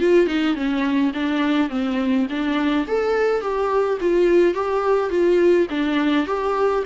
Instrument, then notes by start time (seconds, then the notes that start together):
viola
0.00 F4
0.27 D#4
0.55 C#4
1.14 D4
1.70 C4
2.30 D4
2.88 A4
3.42 G4
4.01 F4
4.55 G4
5.10 F4
5.70 D4
6.27 G4